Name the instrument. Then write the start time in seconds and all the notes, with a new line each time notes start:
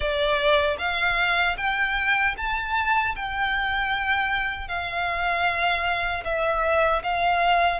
violin
0.00 D5
0.78 F5
1.57 G5
2.37 A5
3.15 G5
4.68 F5
6.24 E5
7.03 F5